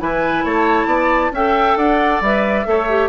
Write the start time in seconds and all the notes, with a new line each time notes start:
0.00 E3 E4 B4 G#5
0.44 A3 C#5 A5
0.86 B3 D5
1.31 C#4 A4 E5 G5
1.76 D4 D5 F#5
2.21 G3 B4 E5
2.66 A3 A4 C#5
2.89 G4